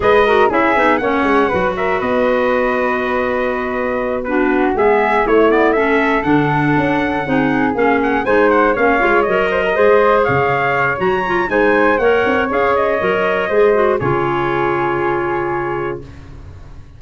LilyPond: <<
  \new Staff \with { instrumentName = "trumpet" } { \time 4/4 \tempo 4 = 120 dis''4 e''4 fis''4. e''8 | dis''1~ | dis''8 b'4 e''4 cis''8 d''8 e''8~ | e''8 fis''2. f''8 |
fis''8 gis''8 fis''8 f''4 dis''4.~ | dis''8 f''4. ais''4 gis''4 | fis''4 f''8 dis''2~ dis''8 | cis''1 | }
  \new Staff \with { instrumentName = "flute" } { \time 4/4 b'8 ais'8 gis'4 cis''4 b'8 ais'8 | b'1~ | b'8 fis'4 gis'4 e'4 a'8~ | a'2~ a'8 gis'4.~ |
gis'8 c''4 cis''4. c''16 ais'16 c''8~ | c''8 cis''2~ cis''8 c''4 | cis''2. c''4 | gis'1 | }
  \new Staff \with { instrumentName = "clarinet" } { \time 4/4 gis'8 fis'8 e'8 dis'8 cis'4 fis'4~ | fis'1~ | fis'8 d'4 b4 a8 b8 cis'8~ | cis'8 d'2 dis'4 cis'8~ |
cis'8 dis'4 cis'8 f'8 ais'4 gis'8~ | gis'2 fis'8 f'8 dis'4 | ais'4 gis'4 ais'4 gis'8 fis'8 | f'1 | }
  \new Staff \with { instrumentName = "tuba" } { \time 4/4 gis4 cis'8 b8 ais8 gis8 fis4 | b1~ | b4. gis4 a4.~ | a8 d4 cis'4 c'4 ais8~ |
ais8 gis4 ais8 gis8 fis4 gis8~ | gis8 cis4. fis4 gis4 | ais8 c'8 cis'4 fis4 gis4 | cis1 | }
>>